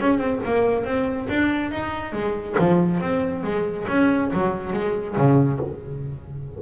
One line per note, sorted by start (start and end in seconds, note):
0.00 0.18 C#4
0.18 0.40 C4
0.45 0.84 A#3
0.84 1.28 C4
1.29 1.71 D4
1.71 2.12 D#4
2.12 2.56 G#3
2.58 3.01 F3
3.01 3.43 C4
3.43 3.86 G#3
3.88 4.31 C#4
4.33 4.73 F#3
4.73 5.16 G#3
5.17 5.60 C#3